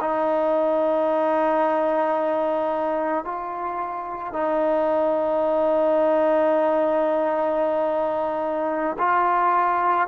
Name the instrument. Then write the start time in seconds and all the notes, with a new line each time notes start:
trombone
0.00 D#4
3.24 F4
4.33 D#4
8.98 F4